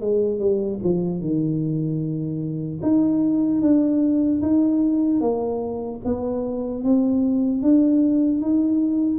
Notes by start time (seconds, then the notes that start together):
0.00 G#3
0.39 G3
0.83 F3
1.20 D#3
2.82 D#4
3.61 D4
4.41 D#4
5.20 A#3
6.04 B3
6.83 C4
7.62 D4
8.41 D#4